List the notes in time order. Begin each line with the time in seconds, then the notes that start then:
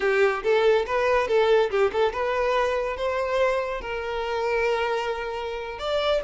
0.00 G4
0.43 A4
0.86 B4
1.27 A4
1.70 G4
1.92 A4
2.12 B4
2.96 C5
3.81 A#4
5.78 D5